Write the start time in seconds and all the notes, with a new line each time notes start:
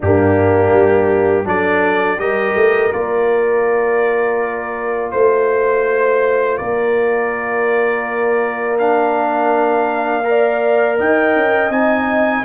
0.00 G2 A#3 D4 G4
0.72 G3
1.44 F#3 D4 A4 D5
2.18 G3 G4 A#4 D#5
2.55 A3
2.92 A#3 F4 D5
5.11 A3 C5
6.57 A#3 A#4 D5
8.77 D4 F5
10.24 A#4 D5
10.98 D#4 D#5 G5
11.35 C#4
11.69 C4 D#4 G#5